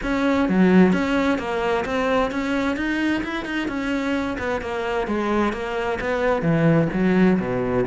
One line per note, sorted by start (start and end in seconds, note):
0.02 0.48 C#4
0.48 0.92 F#3
0.92 1.38 C#4
1.38 1.84 A#3
1.85 2.31 C4
2.31 2.76 C#4
2.76 3.22 D#4
3.23 3.45 E4
3.45 3.68 D#4
3.68 4.37 C#4
4.38 4.61 B3
4.61 5.07 A#3
5.07 5.52 G#3
5.52 5.98 A#3
6.00 6.42 B3
6.42 6.88 E3
6.93 7.39 F#3
7.39 7.85 B2